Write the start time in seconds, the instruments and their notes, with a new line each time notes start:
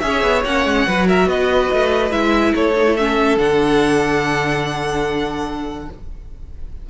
0.00 cello C#4, viola G#4, violin E5
0.07 violin C#5
0.23 cello B3
0.45 cello A#3, viola C#4, violin F#5
0.66 cello G#3
0.87 cello F#3, viola F#4, violin B4
1.07 violin A#4 E5
1.26 cello B3, violin B4 D#5
1.73 cello A3
2.11 cello G#3, viola E4, violin E5
2.54 cello A3, violin A4 C#5
2.76 viola D#4
2.87 viola E4
2.97 viola C#4, violin E5
3.37 cello D3, viola D4, violin F#5